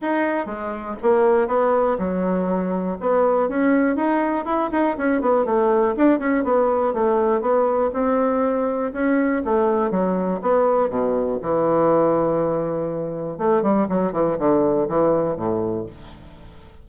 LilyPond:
\new Staff \with { instrumentName = "bassoon" } { \time 4/4 \tempo 4 = 121 dis'4 gis4 ais4 b4 | fis2 b4 cis'4 | dis'4 e'8 dis'8 cis'8 b8 a4 | d'8 cis'8 b4 a4 b4 |
c'2 cis'4 a4 | fis4 b4 b,4 e4~ | e2. a8 g8 | fis8 e8 d4 e4 a,4 | }